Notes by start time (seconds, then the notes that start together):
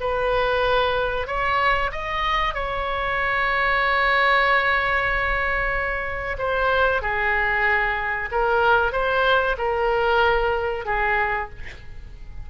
0.00 B4
1.27 C#5
1.91 D#5
2.54 C#5
6.38 C5
7.02 G#4
8.31 A#4
8.92 C5
9.57 A#4
10.85 G#4